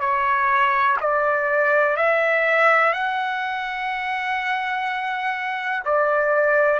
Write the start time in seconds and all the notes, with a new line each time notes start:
0.00 C#5
1.00 D5
1.97 E5
2.93 F#5
5.85 D5